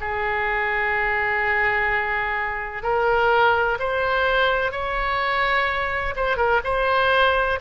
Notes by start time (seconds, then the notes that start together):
0.00 G#4
2.82 A#4
3.79 C5
4.71 C#5
6.16 C5
6.37 A#4
6.64 C5